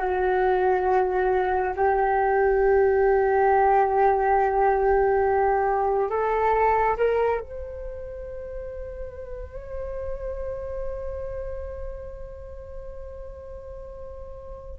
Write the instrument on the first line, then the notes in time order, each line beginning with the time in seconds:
flute
0.00 F#4
1.76 G4
6.09 A4
6.97 A#4
7.40 C5